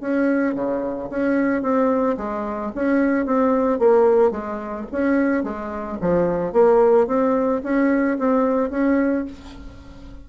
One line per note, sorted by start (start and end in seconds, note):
0.00 0.55 C#4
0.55 1.09 C#3
1.10 1.62 C#4
1.62 2.16 C4
2.17 2.72 G#3
2.75 3.26 C#4
3.26 3.79 C4
3.79 4.31 A#3
4.31 4.85 G#3
4.92 5.43 C#4
5.43 5.98 G#3
6.01 6.53 F3
6.53 7.07 A#3
7.07 7.62 C4
7.63 8.18 C#4
8.18 8.70 C4
8.70 9.25 C#4